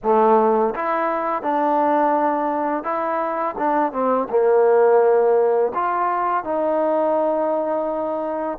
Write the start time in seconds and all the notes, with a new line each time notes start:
0.03 A3
0.75 E4
1.42 D4
2.83 E4
3.57 D4
3.92 C4
4.29 A#3
5.74 F4
6.44 D#4